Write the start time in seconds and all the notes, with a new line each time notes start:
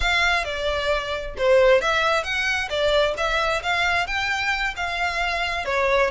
0.00 F5
0.44 D5
1.37 C5
1.81 E5
2.23 F#5
2.69 D5
3.17 E5
3.62 F5
4.06 G5
4.76 F5
5.65 C#5